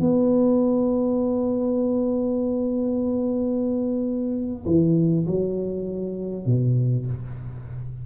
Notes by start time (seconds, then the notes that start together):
0.00 B3
4.66 E3
5.26 F#3
6.46 B2